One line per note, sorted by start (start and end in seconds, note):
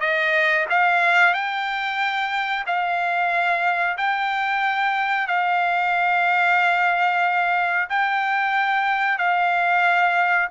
0.00 0.65 D#5
0.70 1.33 F5
1.33 2.64 G5
2.66 3.97 F5
3.97 5.27 G5
5.27 7.88 F5
7.89 9.18 G5
9.18 10.48 F5